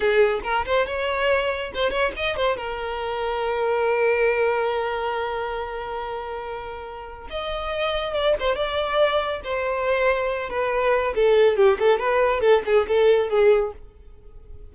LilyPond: \new Staff \with { instrumentName = "violin" } { \time 4/4 \tempo 4 = 140 gis'4 ais'8 c''8 cis''2 | c''8 cis''8 dis''8 c''8 ais'2~ | ais'1~ | ais'1~ |
ais'4 dis''2 d''8 c''8 | d''2 c''2~ | c''8 b'4. a'4 g'8 a'8 | b'4 a'8 gis'8 a'4 gis'4 | }